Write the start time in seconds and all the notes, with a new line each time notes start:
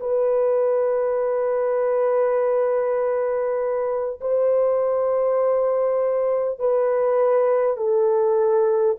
0.00 B4
4.21 C5
6.59 B4
7.77 A4